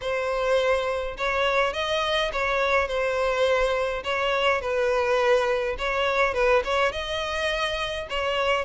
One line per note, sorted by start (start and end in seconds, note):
0.01 1.16 C5
1.17 1.73 C#5
1.73 2.31 D#5
2.32 2.87 C#5
2.87 4.03 C5
4.03 4.61 C#5
4.61 5.76 B4
5.78 6.33 C#5
6.33 6.62 B4
6.64 6.92 C#5
6.92 8.07 D#5
8.09 8.64 C#5